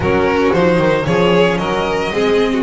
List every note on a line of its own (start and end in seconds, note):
0.00 0.49 F#3
0.00 0.55 C#4
0.00 1.05 F#4
0.00 0.52 A#4
0.52 0.78 F3
0.52 1.04 D#4
0.52 1.05 C5
0.78 1.05 D#3
1.04 1.58 F3
1.04 2.10 C#4
1.04 1.59 G#4
1.04 1.58 C#5
1.58 2.11 F#3
1.58 2.12 A#4
1.58 2.62 D#5
2.12 2.62 G#3
2.12 2.62 C4
2.12 2.53 G#4
2.53 2.62 F#4